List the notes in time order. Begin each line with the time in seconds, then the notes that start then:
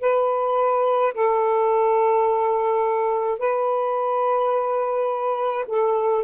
0.00 B4
1.14 A4
3.39 B4
5.68 A4